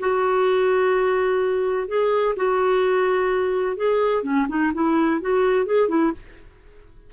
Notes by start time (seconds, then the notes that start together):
0.00 F#4
1.88 G#4
2.36 F#4
3.77 G#4
4.23 C#4
4.49 D#4
4.74 E4
5.21 F#4
5.66 G#4
5.89 E4